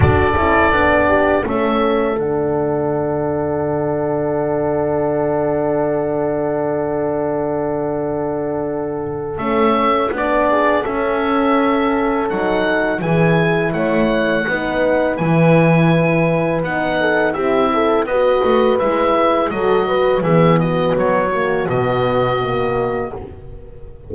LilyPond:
<<
  \new Staff \with { instrumentName = "oboe" } { \time 4/4 \tempo 4 = 83 d''2 e''4 fis''4~ | fis''1~ | fis''1~ | fis''4 e''4 d''4 e''4~ |
e''4 fis''4 gis''4 fis''4~ | fis''4 gis''2 fis''4 | e''4 dis''4 e''4 dis''4 | e''8 dis''8 cis''4 dis''2 | }
  \new Staff \with { instrumentName = "horn" } { \time 4/4 a'4. g'8 a'2~ | a'1~ | a'1~ | a'2~ a'8 gis'8 a'4~ |
a'2 gis'4 cis''4 | b'2.~ b'8 a'8 | g'8 a'8 b'2 a'8 b'8 | gis'8 fis'2.~ fis'8 | }
  \new Staff \with { instrumentName = "horn" } { \time 4/4 fis'8 e'8 d'4 cis'4 d'4~ | d'1~ | d'1~ | d'4 cis'4 d'4 cis'4~ |
cis'4 dis'4 e'2 | dis'4 e'2 dis'4 | e'4 fis'4 e'4 fis'4 | b4. ais8 b4 ais4 | }
  \new Staff \with { instrumentName = "double bass" } { \time 4/4 d'8 cis'8 b4 a4 d4~ | d1~ | d1~ | d4 a4 b4 cis'4~ |
cis'4 fis4 e4 a4 | b4 e2 b4 | c'4 b8 a8 gis4 fis4 | e4 fis4 b,2 | }
>>